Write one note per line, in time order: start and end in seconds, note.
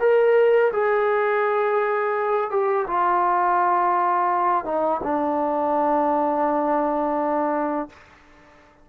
0.00 0.71 A#4
0.72 2.50 G#4
2.50 2.86 G4
2.87 4.65 F4
4.65 5.00 D#4
5.03 7.89 D4